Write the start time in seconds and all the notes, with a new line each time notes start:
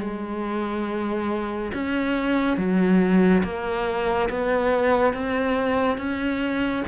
0.00 G#3
1.73 C#4
2.57 F#3
3.43 A#3
4.29 B3
5.13 C4
5.97 C#4